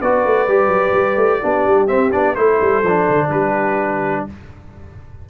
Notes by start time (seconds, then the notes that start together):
0.00 B3 F#4 B4 D5
0.25 A3
0.48 G3 G4
0.67 F#3
0.93 G3
1.17 A3
1.42 B3 D4 G4
1.67 G3
1.88 C4 E5
2.12 B3 D4 D5
2.35 A3 E4 A4 C5
2.62 G3
2.83 F3 D4
3.10 D3
3.29 G3 G4 B4